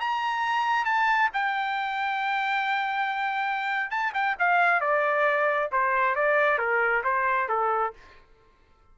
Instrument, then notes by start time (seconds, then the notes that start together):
trumpet
0.00 A#5
0.85 A5
1.33 G5
3.90 A5
4.14 G5
4.39 F5
4.81 D5
5.72 C5
6.15 D5
6.58 A#4
7.04 C5
7.49 A4